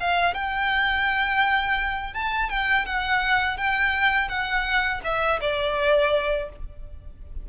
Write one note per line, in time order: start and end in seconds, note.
0.00 0.34 F5
0.34 2.14 G5
2.14 2.50 A5
2.50 2.86 G5
2.86 3.57 F#5
3.57 4.28 G5
4.28 5.01 F#5
5.04 5.40 E5
5.41 6.49 D5